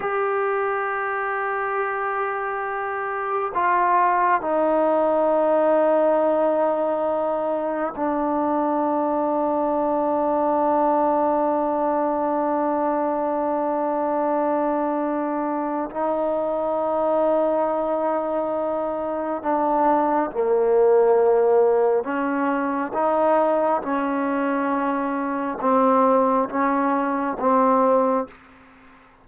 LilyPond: \new Staff \with { instrumentName = "trombone" } { \time 4/4 \tempo 4 = 68 g'1 | f'4 dis'2.~ | dis'4 d'2.~ | d'1~ |
d'2 dis'2~ | dis'2 d'4 ais4~ | ais4 cis'4 dis'4 cis'4~ | cis'4 c'4 cis'4 c'4 | }